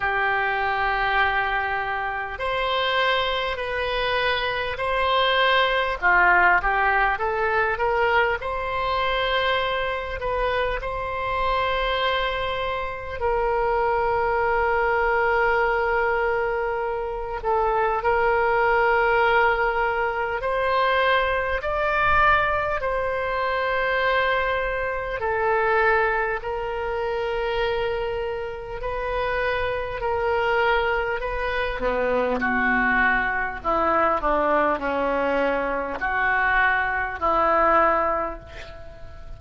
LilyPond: \new Staff \with { instrumentName = "oboe" } { \time 4/4 \tempo 4 = 50 g'2 c''4 b'4 | c''4 f'8 g'8 a'8 ais'8 c''4~ | c''8 b'8 c''2 ais'4~ | ais'2~ ais'8 a'8 ais'4~ |
ais'4 c''4 d''4 c''4~ | c''4 a'4 ais'2 | b'4 ais'4 b'8 b8 fis'4 | e'8 d'8 cis'4 fis'4 e'4 | }